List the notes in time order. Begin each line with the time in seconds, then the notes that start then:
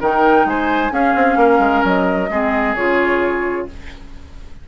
0.00 D#3 D#4 A#4 G5
0.45 G#3 C5 G#5
0.90 C#4 G#4 F5
1.15 C4
1.36 A#3 A#4
1.59 G#3
1.84 F#3 D#5
2.29 G#3 C4 G#4
2.75 C#3 F4 C#5